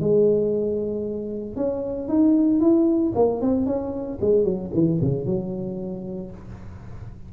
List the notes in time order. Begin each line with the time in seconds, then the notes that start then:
0.00 G#3
1.56 C#4
2.08 D#4
2.60 E4
3.15 A#3
3.41 C4
3.66 C#4
4.21 G#3
4.44 F#3
4.74 E3
5.01 C#3
5.26 F#3